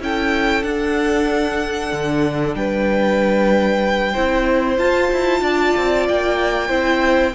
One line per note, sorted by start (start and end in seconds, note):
0.00 0.63 C#4
0.00 0.63 E4
0.00 2.57 A4
0.00 0.63 G5
0.63 4.14 D4
0.63 1.91 D4
0.63 2.55 F#5
1.92 2.55 D3
2.55 4.14 G3
2.55 4.12 B4
2.55 4.78 G5
4.12 4.78 C4
4.12 4.79 E4
4.12 5.40 C5
4.78 5.10 F4
4.78 6.70 F4
4.78 6.06 A5
5.13 5.41 E4
5.41 5.73 D4
5.41 6.68 D5
5.77 6.09 C4
6.08 6.70 A#3
6.08 7.35 G5
6.68 7.34 C4
6.68 7.34 E4
6.68 7.32 C5